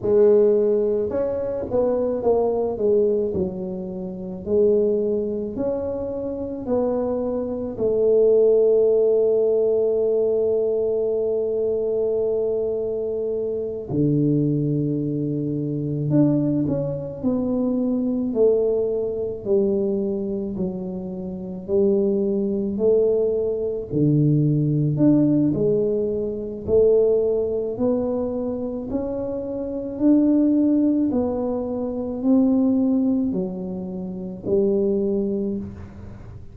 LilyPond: \new Staff \with { instrumentName = "tuba" } { \time 4/4 \tempo 4 = 54 gis4 cis'8 b8 ais8 gis8 fis4 | gis4 cis'4 b4 a4~ | a1~ | a8 d2 d'8 cis'8 b8~ |
b8 a4 g4 fis4 g8~ | g8 a4 d4 d'8 gis4 | a4 b4 cis'4 d'4 | b4 c'4 fis4 g4 | }